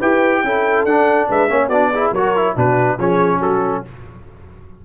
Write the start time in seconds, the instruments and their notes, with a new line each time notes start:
0.00 tuba E4, trombone G4, horn B4, trumpet G5
0.44 tuba C#4, trombone E4, horn A4
0.86 tuba D4, trombone D4, trumpet F#5
1.29 tuba G#3, horn B4, trumpet E5
1.49 tuba A#3, trombone C#4, horn C#5
1.69 tuba B3, trombone D4, horn F#4, trumpet D5
1.94 trombone E4, horn G#4
2.12 tuba F#3, trombone F#4, horn A#4, trumpet C#5
2.37 trombone E4
2.55 tuba B2, trombone D4, horn F#4, trumpet B4
2.99 tuba F3, trombone C#4, horn G#4, trumpet C#5
3.39 tuba F#3, horn F#4, trumpet A4